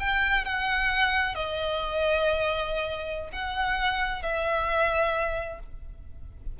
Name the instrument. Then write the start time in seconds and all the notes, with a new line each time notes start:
violin
0.00 G5
0.45 F#5
1.35 D#5
3.33 F#5
4.23 E5